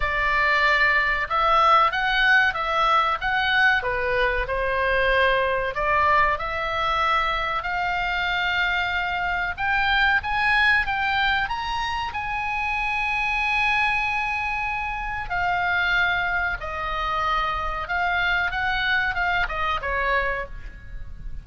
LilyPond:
\new Staff \with { instrumentName = "oboe" } { \time 4/4 \tempo 4 = 94 d''2 e''4 fis''4 | e''4 fis''4 b'4 c''4~ | c''4 d''4 e''2 | f''2. g''4 |
gis''4 g''4 ais''4 gis''4~ | gis''1 | f''2 dis''2 | f''4 fis''4 f''8 dis''8 cis''4 | }